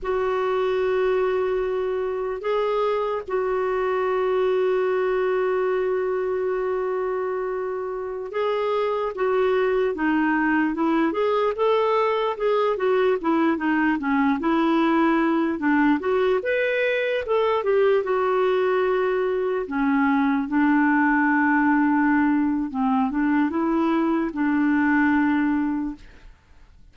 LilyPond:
\new Staff \with { instrumentName = "clarinet" } { \time 4/4 \tempo 4 = 74 fis'2. gis'4 | fis'1~ | fis'2~ fis'16 gis'4 fis'8.~ | fis'16 dis'4 e'8 gis'8 a'4 gis'8 fis'16~ |
fis'16 e'8 dis'8 cis'8 e'4. d'8 fis'16~ | fis'16 b'4 a'8 g'8 fis'4.~ fis'16~ | fis'16 cis'4 d'2~ d'8. | c'8 d'8 e'4 d'2 | }